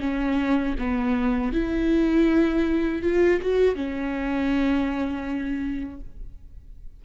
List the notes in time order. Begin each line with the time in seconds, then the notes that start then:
0.00 C#4
0.78 B3
1.52 E4
3.02 F4
3.41 F#4
3.75 C#4